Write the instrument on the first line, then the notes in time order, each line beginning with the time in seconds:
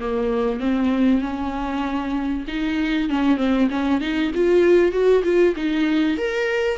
viola
0.00 A#3
0.60 C4
1.21 C#4
2.48 D#4
3.10 C#4
3.37 C4
3.70 C#4
4.01 D#4
4.35 F4
4.92 F#4
5.24 F4
5.56 D#4
6.17 A#4